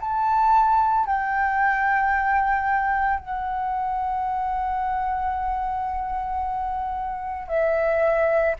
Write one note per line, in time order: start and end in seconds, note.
0.00 1.06 A5
1.06 3.19 G5
3.19 7.48 F#5
7.48 8.55 E5